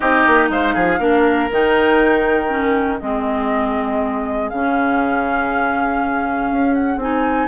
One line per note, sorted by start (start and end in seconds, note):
0.00 0.26 C4
0.00 0.99 D#4
0.00 0.49 G4
0.00 0.47 D#5
0.27 0.49 A#3
0.49 0.74 G#3
0.49 0.74 C5
0.49 1.50 F5
0.74 0.99 F3
0.74 0.99 G#4
0.99 1.49 A#3
0.99 1.49 D4
0.99 2.99 A#4
1.51 3.01 D#3
1.51 2.48 D#4
1.51 2.99 G5
2.48 2.98 C#4
2.99 4.51 G#3
2.99 4.51 C4
2.99 7.48 G#4
2.99 4.49 D#5
4.49 6.50 C#3
4.49 7.00 C#4
4.49 6.74 F5
6.50 6.96 C#4
6.74 6.99 F#5
6.96 7.46 C4
6.96 7.48 D#4
6.96 7.48 G#5